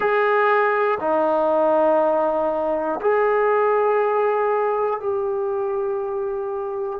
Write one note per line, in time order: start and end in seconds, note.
0.00 0.98 G#4
1.00 3.00 D#4
3.01 5.00 G#4
5.00 6.99 G4